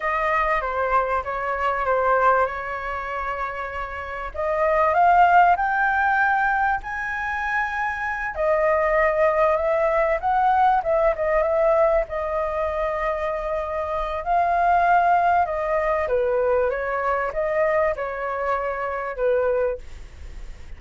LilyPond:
\new Staff \with { instrumentName = "flute" } { \time 4/4 \tempo 4 = 97 dis''4 c''4 cis''4 c''4 | cis''2. dis''4 | f''4 g''2 gis''4~ | gis''4. dis''2 e''8~ |
e''8 fis''4 e''8 dis''8 e''4 dis''8~ | dis''2. f''4~ | f''4 dis''4 b'4 cis''4 | dis''4 cis''2 b'4 | }